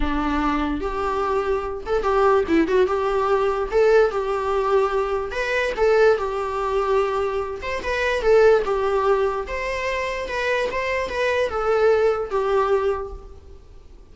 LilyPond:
\new Staff \with { instrumentName = "viola" } { \time 4/4 \tempo 4 = 146 d'2 g'2~ | g'8 a'8 g'4 e'8 fis'8 g'4~ | g'4 a'4 g'2~ | g'4 b'4 a'4 g'4~ |
g'2~ g'8 c''8 b'4 | a'4 g'2 c''4~ | c''4 b'4 c''4 b'4 | a'2 g'2 | }